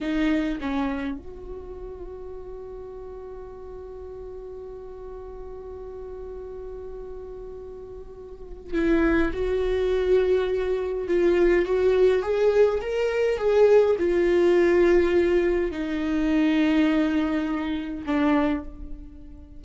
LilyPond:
\new Staff \with { instrumentName = "viola" } { \time 4/4 \tempo 4 = 103 dis'4 cis'4 fis'2~ | fis'1~ | fis'1~ | fis'2. e'4 |
fis'2. f'4 | fis'4 gis'4 ais'4 gis'4 | f'2. dis'4~ | dis'2. d'4 | }